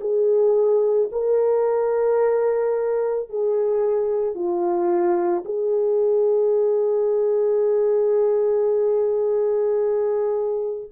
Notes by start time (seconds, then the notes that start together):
0.00 G#4
1.12 A#4
3.29 G#4
4.34 F4
5.44 G#4